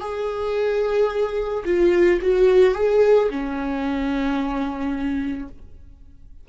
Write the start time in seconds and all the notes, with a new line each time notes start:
0.00 G#4
1.65 F4
2.21 F#4
2.74 G#4
3.30 C#4